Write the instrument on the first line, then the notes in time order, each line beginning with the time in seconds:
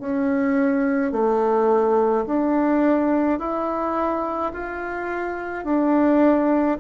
bassoon
0.00 C#4
1.12 A3
2.26 D4
3.40 E4
4.53 F4
5.65 D4